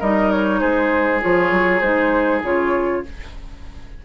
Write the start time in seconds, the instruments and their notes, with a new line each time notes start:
0.00 bassoon G3, clarinet D#4, oboe A#4, flute D#5
0.31 flute C#5
0.60 bassoon G#3, oboe G#4, flute C5
1.21 bassoon F3, clarinet F4, flute C#5
1.52 bassoon F#3
1.80 bassoon G#3, clarinet D#4, flute C5
2.44 bassoon C#3, clarinet F4, flute C#5